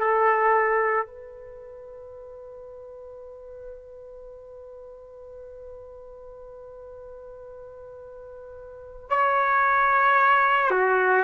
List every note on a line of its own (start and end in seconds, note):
0.00 1.07 A4
1.07 9.10 B4
9.10 10.71 C#5
10.71 11.25 F#4